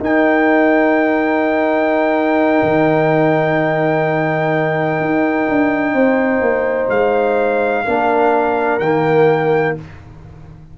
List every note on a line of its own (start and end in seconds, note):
0.00 2.62 D#4
0.00 7.86 D#4
0.00 5.94 A#4
0.00 6.90 G5
2.63 5.00 D#3
5.00 5.48 D#4
5.49 5.94 D4
5.94 6.40 C4
5.94 7.84 C5
6.40 6.88 A#3
6.89 7.85 G#3
6.89 8.80 F5
7.85 8.80 A#3
7.85 8.81 D4
7.85 9.75 A#4
8.80 9.75 D#3
8.80 9.78 A#3
8.80 9.75 G5